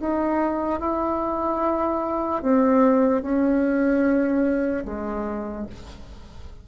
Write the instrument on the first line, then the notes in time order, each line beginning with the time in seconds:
bassoon
0.00 D#4
0.80 E4
2.43 C4
3.22 C#4
4.85 G#3